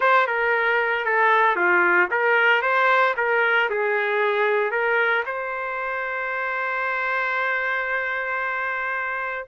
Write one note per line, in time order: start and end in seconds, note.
0.00 0.26 C5
0.26 1.05 A#4
1.05 1.56 A4
1.56 2.08 F4
2.11 2.61 A#4
2.61 3.14 C5
3.17 3.69 A#4
3.70 4.71 G#4
4.71 5.23 A#4
5.26 9.47 C5